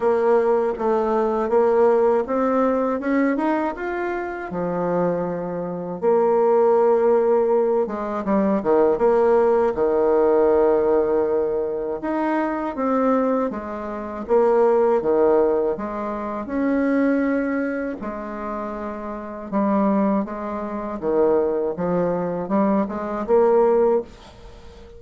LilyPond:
\new Staff \with { instrumentName = "bassoon" } { \time 4/4 \tempo 4 = 80 ais4 a4 ais4 c'4 | cis'8 dis'8 f'4 f2 | ais2~ ais8 gis8 g8 dis8 | ais4 dis2. |
dis'4 c'4 gis4 ais4 | dis4 gis4 cis'2 | gis2 g4 gis4 | dis4 f4 g8 gis8 ais4 | }